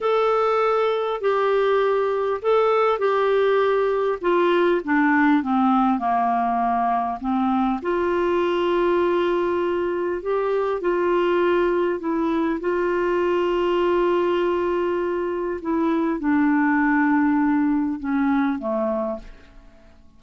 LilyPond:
\new Staff \with { instrumentName = "clarinet" } { \time 4/4 \tempo 4 = 100 a'2 g'2 | a'4 g'2 f'4 | d'4 c'4 ais2 | c'4 f'2.~ |
f'4 g'4 f'2 | e'4 f'2.~ | f'2 e'4 d'4~ | d'2 cis'4 a4 | }